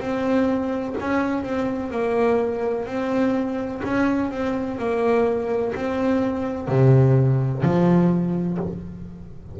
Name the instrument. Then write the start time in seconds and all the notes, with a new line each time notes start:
double bass
0.00 C4
1.00 C#4
1.43 C4
1.91 A#3
2.86 C4
3.84 C#4
4.31 C4
4.78 A#3
5.75 C4
6.68 C3
7.63 F3